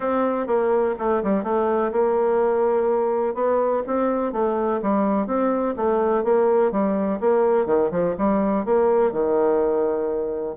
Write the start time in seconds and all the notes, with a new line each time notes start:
0.00 C4
0.46 A#3
0.99 A3
1.23 G3
1.43 A3
1.92 A#3
3.34 B3
3.86 C4
4.32 A3
4.82 G3
5.26 C4
5.76 A3
6.24 A#3
6.71 G3
7.20 A#3
7.66 D#3
7.91 F3
8.18 G3
8.65 A#3
9.12 D#3